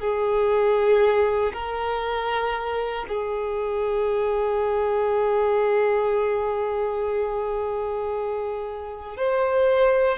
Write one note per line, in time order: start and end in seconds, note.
0.00 1.53 G#4
1.53 3.06 A#4
3.08 9.17 G#4
9.17 10.18 C5